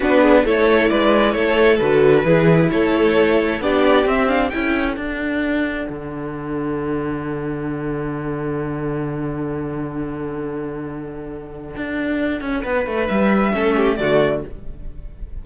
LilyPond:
<<
  \new Staff \with { instrumentName = "violin" } { \time 4/4 \tempo 4 = 133 b'4 cis''4 d''4 cis''4 | b'2 cis''2 | d''4 e''8 f''8 g''4 fis''4~ | fis''1~ |
fis''1~ | fis''1~ | fis''1~ | fis''4 e''2 d''4 | }
  \new Staff \with { instrumentName = "violin" } { \time 4/4 fis'8 gis'8 a'4 b'4 a'4~ | a'4 gis'4 a'2 | g'2 a'2~ | a'1~ |
a'1~ | a'1~ | a'1 | b'2 a'8 g'8 fis'4 | }
  \new Staff \with { instrumentName = "viola" } { \time 4/4 d'4 e'2. | fis'4 e'2. | d'4 c'8 d'8 e'4 d'4~ | d'1~ |
d'1~ | d'1~ | d'1~ | d'2 cis'4 a4 | }
  \new Staff \with { instrumentName = "cello" } { \time 4/4 b4 a4 gis4 a4 | d4 e4 a2 | b4 c'4 cis'4 d'4~ | d'4 d2.~ |
d1~ | d1~ | d2 d'4. cis'8 | b8 a8 g4 a4 d4 | }
>>